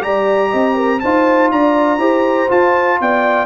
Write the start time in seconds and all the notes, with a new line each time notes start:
0.00 G3 G4 D5 A#5
0.49 C4 D#5
0.74 A#4
0.99 D#4 F4 C5 A5
1.51 D4 D5 A#5
1.98 E4 G4 C5
2.48 F4 A5
3.00 B3 D5 G5